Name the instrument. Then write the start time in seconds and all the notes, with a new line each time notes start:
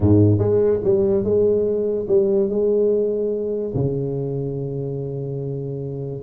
tuba
0.00 G#2
0.38 G#3
0.84 G3
1.24 G#3
2.08 G3
2.49 G#3
3.74 C#3